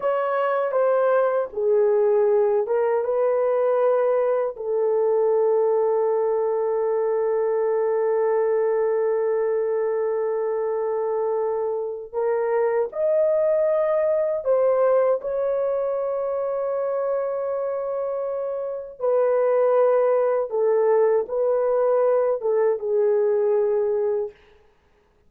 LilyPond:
\new Staff \with { instrumentName = "horn" } { \time 4/4 \tempo 4 = 79 cis''4 c''4 gis'4. ais'8 | b'2 a'2~ | a'1~ | a'1 |
ais'4 dis''2 c''4 | cis''1~ | cis''4 b'2 a'4 | b'4. a'8 gis'2 | }